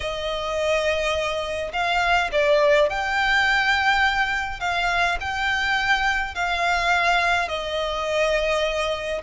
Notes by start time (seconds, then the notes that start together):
0.00 D#5
1.72 F5
2.32 D5
2.89 G5
4.60 F5
5.20 G5
6.34 F5
7.48 D#5